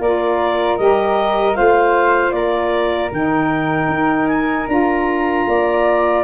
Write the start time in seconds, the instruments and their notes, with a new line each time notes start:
0.00 tuba A#3, saxophone F4, flute A#4, clarinet D5
0.78 tuba G3, saxophone G4, clarinet D#5
1.53 tuba A3, saxophone F4, flute C5, clarinet F5
2.32 tuba A#3, flute A#4, clarinet D5
3.12 tuba D#3, saxophone D#4, clarinet G5
3.89 tuba D#4
4.28 clarinet G#5
4.69 tuba D4, saxophone F4, clarinet A#5
5.48 tuba A#3, flute D5